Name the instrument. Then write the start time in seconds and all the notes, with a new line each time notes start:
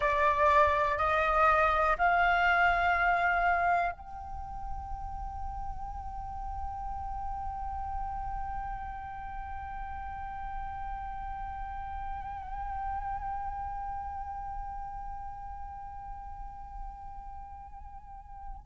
flute
0.00 D5
0.97 D#5
1.98 F5
3.92 G5